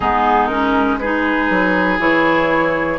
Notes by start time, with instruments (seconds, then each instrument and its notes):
0.00 bassoon G#3, clarinet B3, oboe D#4, flute G#4
0.46 clarinet C#4, flute A#4
0.98 clarinet D#4, oboe G#4, flute B4
1.50 bassoon F#3
1.98 bassoon E3, clarinet E4, flute C#5